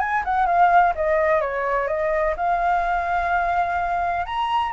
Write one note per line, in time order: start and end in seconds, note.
0.00 0.24 G#5
0.25 0.47 F#5
0.47 0.94 F5
0.96 1.42 D#5
1.42 1.88 C#5
1.88 2.35 D#5
2.37 4.26 F5
4.26 4.73 A#5